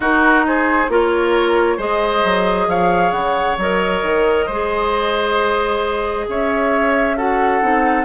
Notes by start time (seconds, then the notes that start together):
0.00 D#4 F#4 A#4
0.46 G#4 C5
0.88 A#3 F4 A#4 C#5
1.77 G#3 G#4 C5 D#5
2.24 F#3
2.67 F3 C#5 F5
3.11 C#3 F#5
3.57 F#3 A#4 D#5
4.02 D#3
4.46 G#3 G#4 C5
6.28 C#4 C#5 E5
7.16 F#4 A4 F#5
7.62 C4 D#4